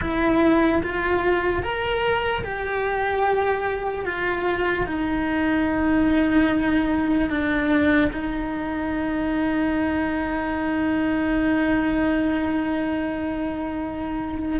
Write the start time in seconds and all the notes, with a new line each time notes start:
0.01 E4
0.83 F4
1.62 A#4
2.44 G4
4.05 F4
4.86 D#4
7.29 D4
8.12 D#4